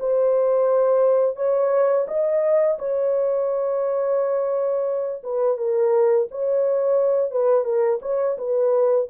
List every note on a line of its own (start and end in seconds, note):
0.00 1.37 C5
1.37 2.06 C#5
2.08 2.78 D#5
2.79 5.23 C#5
5.24 5.58 B4
5.58 6.28 A#4
6.31 7.32 C#5
7.32 7.65 B4
7.65 8.00 A#4
8.02 8.37 C#5
8.38 9.08 B4